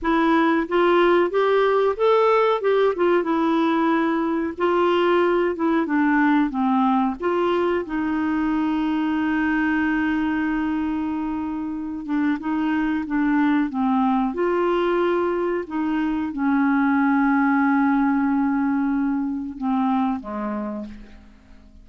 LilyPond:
\new Staff \with { instrumentName = "clarinet" } { \time 4/4 \tempo 4 = 92 e'4 f'4 g'4 a'4 | g'8 f'8 e'2 f'4~ | f'8 e'8 d'4 c'4 f'4 | dis'1~ |
dis'2~ dis'8 d'8 dis'4 | d'4 c'4 f'2 | dis'4 cis'2.~ | cis'2 c'4 gis4 | }